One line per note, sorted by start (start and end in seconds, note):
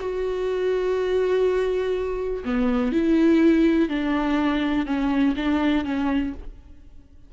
0.00 2.44 F#4
2.45 2.92 B3
2.92 3.89 E4
3.89 4.86 D4
4.86 5.35 C#4
5.36 5.84 D4
5.84 6.33 C#4